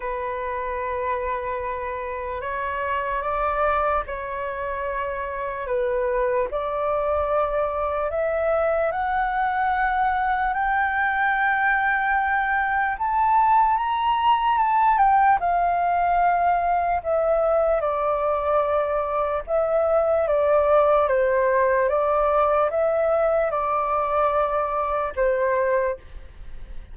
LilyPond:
\new Staff \with { instrumentName = "flute" } { \time 4/4 \tempo 4 = 74 b'2. cis''4 | d''4 cis''2 b'4 | d''2 e''4 fis''4~ | fis''4 g''2. |
a''4 ais''4 a''8 g''8 f''4~ | f''4 e''4 d''2 | e''4 d''4 c''4 d''4 | e''4 d''2 c''4 | }